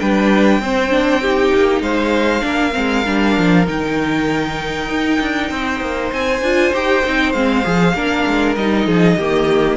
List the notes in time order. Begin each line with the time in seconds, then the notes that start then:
0.00 G3 D4 B4 G5
0.60 C4 C5
0.90 D4
1.22 D#4 G4
1.55 A#3
1.82 G#3 C5 F5
2.41 A#3 D4 A#4
2.73 G#3 C4
3.06 G3 D4
3.38 F3
3.66 D#3 D#4 G5
4.90 D#4
5.21 D4
5.51 C4 C5
5.81 A#3
6.13 C4 G#5
6.42 D4 F4
6.74 D#4 G4 G5
7.05 C4 D#4
7.33 G#3 C4 F5
7.64 F3 G#4
7.94 A#3 D4 A#4
8.27 G#3
8.56 G3 D#4 D#5
8.87 F3 G#4
9.17 D#3 A#3 G4